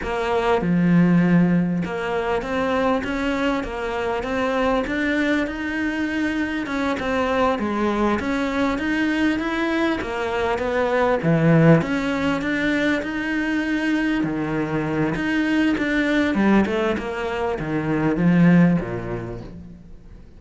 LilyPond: \new Staff \with { instrumentName = "cello" } { \time 4/4 \tempo 4 = 99 ais4 f2 ais4 | c'4 cis'4 ais4 c'4 | d'4 dis'2 cis'8 c'8~ | c'8 gis4 cis'4 dis'4 e'8~ |
e'8 ais4 b4 e4 cis'8~ | cis'8 d'4 dis'2 dis8~ | dis4 dis'4 d'4 g8 a8 | ais4 dis4 f4 ais,4 | }